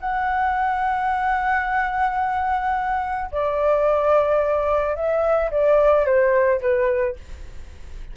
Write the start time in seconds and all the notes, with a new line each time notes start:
0.00 F#5
3.32 D5
4.95 E5
5.51 D5
6.06 C5
6.61 B4